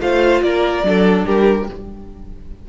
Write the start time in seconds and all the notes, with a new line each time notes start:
0.00 A3 F4 C5 F5
0.42 A#3 A#4 D5
0.83 F#3 D4 A4
1.26 G3 G4 A#4